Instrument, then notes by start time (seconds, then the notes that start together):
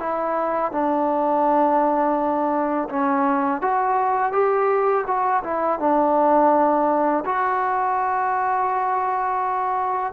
trombone
0.00 E4
0.72 D4
2.90 C#4
3.62 F#4
4.32 G4
5.07 F#4
5.44 E4
5.80 D4
7.26 F#4